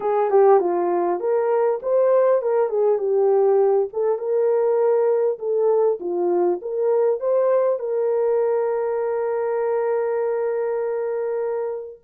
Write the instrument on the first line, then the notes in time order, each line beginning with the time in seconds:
horn
0.00 G#4
0.30 G4
0.60 F4
1.19 A#4
1.82 C5
2.42 A#4
2.69 G#4
2.98 G4
3.92 A4
4.18 A#4
5.38 A4
6.00 F4
6.61 A#4
7.20 C5
7.79 A#4